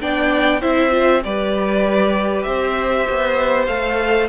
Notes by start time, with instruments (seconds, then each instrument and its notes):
0.00 cello B3, viola D4, violin D5 G5
0.60 cello C4, viola E4, violin C5 E5
0.91 viola F4
1.23 cello G3, viola G4, violin B4 D5
2.43 cello C4, violin C5 E5
3.09 cello B3
3.66 cello A3, viola A4, violin F5